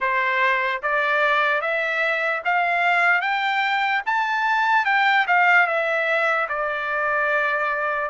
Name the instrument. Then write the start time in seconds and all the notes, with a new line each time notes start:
trumpet
0.00 C5
0.82 D5
1.61 E5
2.44 F5
3.21 G5
4.05 A5
4.85 G5
5.27 F5
5.66 E5
6.48 D5